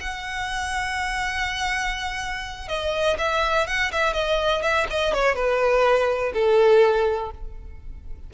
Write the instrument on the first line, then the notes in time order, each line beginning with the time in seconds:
violin
0.00 F#5
2.68 D#5
3.18 E5
3.67 F#5
3.91 E5
4.13 D#5
4.62 E5
4.90 D#5
5.13 C#5
5.35 B4
6.33 A4